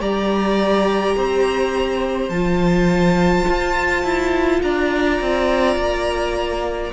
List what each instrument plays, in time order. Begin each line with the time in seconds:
0.00 cello G3, viola G4, violin D5 A#5
1.16 cello C4, violin C5
2.29 cello F3, viola F4, violin A5
3.48 cello F4
4.03 cello E4
4.62 cello D4, violin D5 A#5
5.21 cello C4
5.76 cello A#3